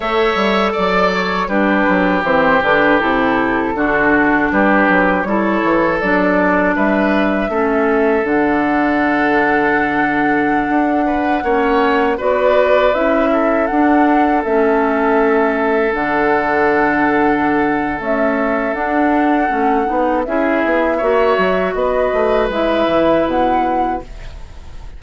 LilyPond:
<<
  \new Staff \with { instrumentName = "flute" } { \time 4/4 \tempo 4 = 80 e''4 d''8 cis''8 b'4 c''8 b'8 | a'2 b'4 cis''4 | d''4 e''2 fis''4~ | fis''1~ |
fis''16 d''4 e''4 fis''4 e''8.~ | e''4~ e''16 fis''2~ fis''8. | e''4 fis''2 e''4~ | e''4 dis''4 e''4 fis''4 | }
  \new Staff \with { instrumentName = "oboe" } { \time 4/4 cis''4 d''4 g'2~ | g'4 fis'4 g'4 a'4~ | a'4 b'4 a'2~ | a'2~ a'8. b'8 cis''8.~ |
cis''16 b'4. a'2~ a'16~ | a'1~ | a'2. gis'4 | cis''4 b'2. | }
  \new Staff \with { instrumentName = "clarinet" } { \time 4/4 a'2 d'4 c'8 d'8 | e'4 d'2 e'4 | d'2 cis'4 d'4~ | d'2.~ d'16 cis'8.~ |
cis'16 fis'4 e'4 d'4 cis'8.~ | cis'4~ cis'16 d'2~ d'8. | a4 d'4 cis'8 dis'8 e'4 | fis'2 e'2 | }
  \new Staff \with { instrumentName = "bassoon" } { \time 4/4 a8 g8 fis4 g8 fis8 e8 d8 | c4 d4 g8 fis8 g8 e8 | fis4 g4 a4 d4~ | d2~ d16 d'4 ais8.~ |
ais16 b4 cis'4 d'4 a8.~ | a4~ a16 d2~ d8. | cis'4 d'4 a8 b8 cis'8 b8 | ais8 fis8 b8 a8 gis8 e8 b,4 | }
>>